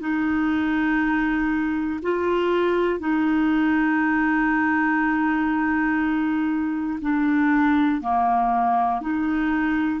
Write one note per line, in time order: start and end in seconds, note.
0.00 2.00 D#4
2.02 3.00 F4
3.00 7.00 D#4
7.00 8.00 D4
8.01 9.01 A#3
9.01 10.00 D#4